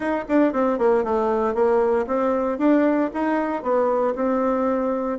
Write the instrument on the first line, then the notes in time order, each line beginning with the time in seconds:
bassoon
0.00 D#4
0.28 D4
0.52 C4
0.78 A#3
1.04 A3
1.54 A#3
2.06 C4
2.58 D4
3.13 D#4
3.62 B3
4.15 C4